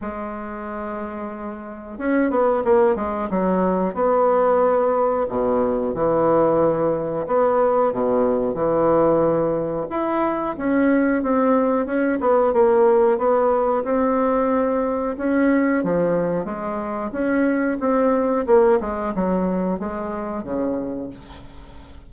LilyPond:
\new Staff \with { instrumentName = "bassoon" } { \time 4/4 \tempo 4 = 91 gis2. cis'8 b8 | ais8 gis8 fis4 b2 | b,4 e2 b4 | b,4 e2 e'4 |
cis'4 c'4 cis'8 b8 ais4 | b4 c'2 cis'4 | f4 gis4 cis'4 c'4 | ais8 gis8 fis4 gis4 cis4 | }